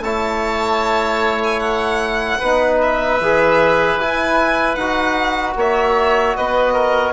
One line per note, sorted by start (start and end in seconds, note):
0.00 2.37 A3
0.00 2.42 E4
0.00 2.39 C#5
0.00 1.41 A5
1.43 1.60 G#5
1.60 2.78 F#5
2.39 3.20 B3
2.39 3.21 D#4
2.39 5.54 B4
2.81 4.00 E5
3.20 3.96 E3
3.20 4.00 G#4
3.96 4.75 E4
3.96 4.79 E4
3.96 4.75 G#5
4.75 5.55 D#4
4.75 7.13 F#4
4.75 5.54 F#5
5.56 6.35 A#3
5.56 6.37 C#5
5.56 6.37 E5
6.37 7.13 B3
6.37 6.73 B4
6.37 7.13 D#5
6.73 7.13 A#4